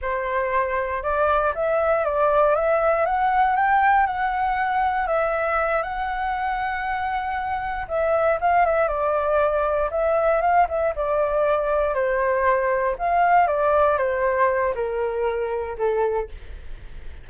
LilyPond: \new Staff \with { instrumentName = "flute" } { \time 4/4 \tempo 4 = 118 c''2 d''4 e''4 | d''4 e''4 fis''4 g''4 | fis''2 e''4. fis''8~ | fis''2.~ fis''8 e''8~ |
e''8 f''8 e''8 d''2 e''8~ | e''8 f''8 e''8 d''2 c''8~ | c''4. f''4 d''4 c''8~ | c''4 ais'2 a'4 | }